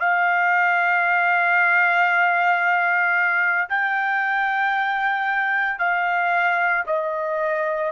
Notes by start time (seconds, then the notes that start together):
0.00 F5
3.70 G5
5.79 F5
6.87 D#5